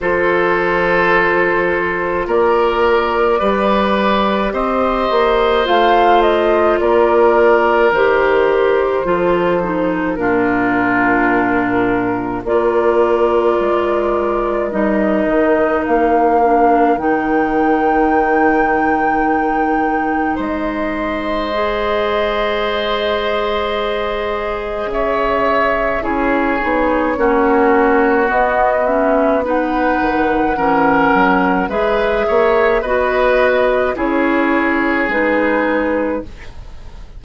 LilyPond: <<
  \new Staff \with { instrumentName = "flute" } { \time 4/4 \tempo 4 = 53 c''2 d''2 | dis''4 f''8 dis''8 d''4 c''4~ | c''4 ais'2 d''4~ | d''4 dis''4 f''4 g''4~ |
g''2 dis''2~ | dis''2 e''4 cis''4~ | cis''4 dis''8 e''8 fis''2 | e''4 dis''4 cis''4 b'4 | }
  \new Staff \with { instrumentName = "oboe" } { \time 4/4 a'2 ais'4 b'4 | c''2 ais'2 | a'4 f'2 ais'4~ | ais'1~ |
ais'2 c''2~ | c''2 cis''4 gis'4 | fis'2 b'4 ais'4 | b'8 cis''8 b'4 gis'2 | }
  \new Staff \with { instrumentName = "clarinet" } { \time 4/4 f'2. g'4~ | g'4 f'2 g'4 | f'8 dis'8 d'2 f'4~ | f'4 dis'4. d'8 dis'4~ |
dis'2. gis'4~ | gis'2. e'8 dis'8 | cis'4 b8 cis'8 dis'4 cis'4 | gis'4 fis'4 e'4 dis'4 | }
  \new Staff \with { instrumentName = "bassoon" } { \time 4/4 f2 ais4 g4 | c'8 ais8 a4 ais4 dis4 | f4 ais,2 ais4 | gis4 g8 dis8 ais4 dis4~ |
dis2 gis2~ | gis2 cis4 cis'8 b8 | ais4 b4. dis8 e8 fis8 | gis8 ais8 b4 cis'4 gis4 | }
>>